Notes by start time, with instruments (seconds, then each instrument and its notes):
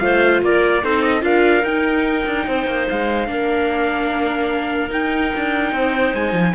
0.00 cello A3, viola F4, clarinet C5, trumpet F5
0.43 cello A#3, clarinet A#4, trumpet D5
0.83 cello C4, viola D#4, clarinet A4, trumpet C5
1.03 trumpet D#5
1.21 cello D4, viola F4, clarinet A#4, trumpet F5
1.64 cello D#4, viola D#4, trumpet G5
2.26 cello D4
2.48 cello C4, clarinet C5
2.67 cello A#3
2.90 cello G#3, trumpet F5
3.28 cello A#3, viola D4, clarinet A#4
4.90 viola D#4, cello D#4, trumpet G5
5.36 cello D4
5.73 cello C4, clarinet C5
6.14 cello G#3, trumpet G#5
6.33 cello F3